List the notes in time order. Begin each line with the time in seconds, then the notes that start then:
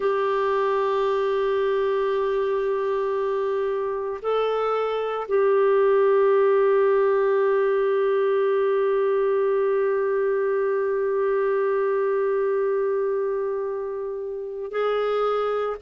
0.00 G4
4.22 A4
5.27 G4
14.71 G#4